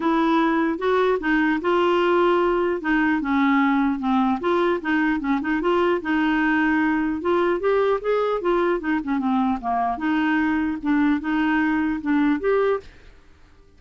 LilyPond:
\new Staff \with { instrumentName = "clarinet" } { \time 4/4 \tempo 4 = 150 e'2 fis'4 dis'4 | f'2. dis'4 | cis'2 c'4 f'4 | dis'4 cis'8 dis'8 f'4 dis'4~ |
dis'2 f'4 g'4 | gis'4 f'4 dis'8 cis'8 c'4 | ais4 dis'2 d'4 | dis'2 d'4 g'4 | }